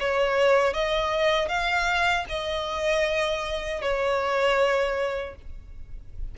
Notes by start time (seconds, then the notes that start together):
0.00 C#5
0.74 D#5
1.49 F5
2.29 D#5
3.82 C#5